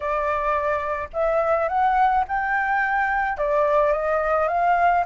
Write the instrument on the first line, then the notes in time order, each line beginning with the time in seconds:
flute
0.00 D5
1.13 E5
1.68 F#5
2.28 G5
3.37 D5
3.92 D#5
4.48 F5